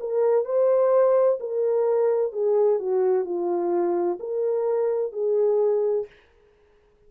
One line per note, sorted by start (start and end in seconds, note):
0.00 0.45 A#4
0.45 1.39 C5
1.40 2.32 A#4
2.32 2.79 G#4
2.80 3.25 F#4
3.25 4.19 F4
4.20 5.13 A#4
5.13 6.06 G#4